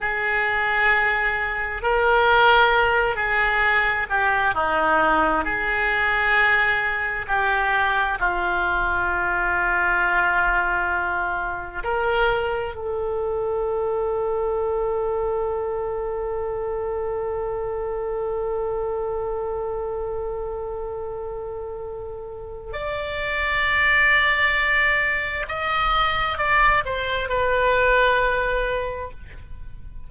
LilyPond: \new Staff \with { instrumentName = "oboe" } { \time 4/4 \tempo 4 = 66 gis'2 ais'4. gis'8~ | gis'8 g'8 dis'4 gis'2 | g'4 f'2.~ | f'4 ais'4 a'2~ |
a'1~ | a'1~ | a'4 d''2. | dis''4 d''8 c''8 b'2 | }